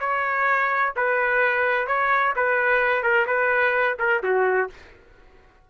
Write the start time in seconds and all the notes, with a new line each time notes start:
0.00 C#5
0.96 B4
1.87 C#5
2.36 B4
3.03 A#4
3.27 B4
3.99 A#4
4.23 F#4